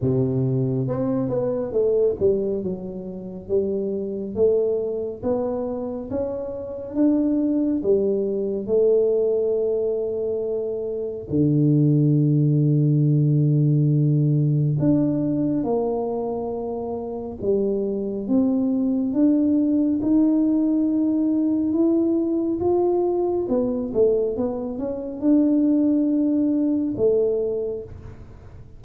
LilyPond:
\new Staff \with { instrumentName = "tuba" } { \time 4/4 \tempo 4 = 69 c4 c'8 b8 a8 g8 fis4 | g4 a4 b4 cis'4 | d'4 g4 a2~ | a4 d2.~ |
d4 d'4 ais2 | g4 c'4 d'4 dis'4~ | dis'4 e'4 f'4 b8 a8 | b8 cis'8 d'2 a4 | }